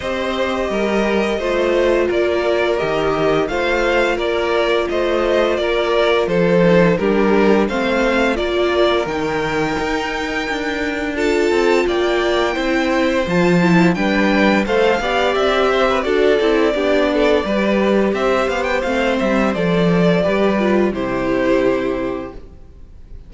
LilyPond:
<<
  \new Staff \with { instrumentName = "violin" } { \time 4/4 \tempo 4 = 86 dis''2. d''4 | dis''4 f''4 d''4 dis''4 | d''4 c''4 ais'4 f''4 | d''4 g''2. |
a''4 g''2 a''4 | g''4 f''4 e''4 d''4~ | d''2 e''8 f''16 g''16 f''8 e''8 | d''2 c''2 | }
  \new Staff \with { instrumentName = "violin" } { \time 4/4 c''4 ais'4 c''4 ais'4~ | ais'4 c''4 ais'4 c''4 | ais'4 a'4 g'4 c''4 | ais'1 |
a'4 d''4 c''2 | b'4 c''8 d''4 c''16 b'16 a'4 | g'8 a'8 b'4 c''2~ | c''4 b'4 g'2 | }
  \new Staff \with { instrumentName = "viola" } { \time 4/4 g'2 f'2 | g'4 f'2.~ | f'4. dis'8 d'4 c'4 | f'4 dis'2. |
f'2 e'4 f'8 e'8 | d'4 a'8 g'4. fis'8 e'8 | d'4 g'2 c'4 | a'4 g'8 f'8 e'2 | }
  \new Staff \with { instrumentName = "cello" } { \time 4/4 c'4 g4 a4 ais4 | dis4 a4 ais4 a4 | ais4 f4 g4 a4 | ais4 dis4 dis'4 d'4~ |
d'8 c'8 ais4 c'4 f4 | g4 a8 b8 c'4 d'8 c'8 | b4 g4 c'8 b8 a8 g8 | f4 g4 c2 | }
>>